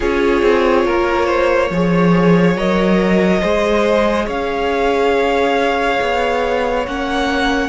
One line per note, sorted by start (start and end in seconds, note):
0.00 0.42 C#4
0.00 1.68 F4
0.00 0.86 G#4
0.00 2.57 C#5
0.42 0.85 C4
0.85 1.70 A#3
0.85 1.25 A#4
1.25 1.68 C5
1.70 2.56 F3
1.70 2.57 G#4
1.70 3.40 C#5
2.56 3.42 F#3
2.56 3.41 A#4
2.56 4.28 D#5
3.40 4.27 G#3
3.40 6.84 G#4
3.40 4.25 C5
4.25 5.99 C#4
4.25 7.68 C#5
4.25 6.86 F5
6.01 6.87 B3
6.86 7.69 A#3
6.86 7.69 C#4
6.86 7.69 F#5